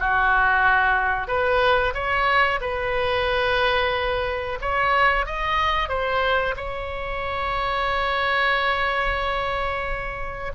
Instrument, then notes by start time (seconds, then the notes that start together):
oboe
0.00 F#4
1.28 B4
1.95 C#5
2.61 B4
4.62 C#5
5.27 D#5
5.89 C5
6.57 C#5